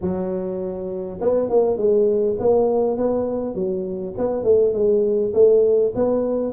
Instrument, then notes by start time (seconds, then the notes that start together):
tuba
0.01 F#3
1.20 B3
1.49 A#3
1.77 G#3
2.39 A#3
2.97 B3
3.55 F#3
4.17 B3
4.43 A3
4.73 G#3
5.33 A3
5.95 B3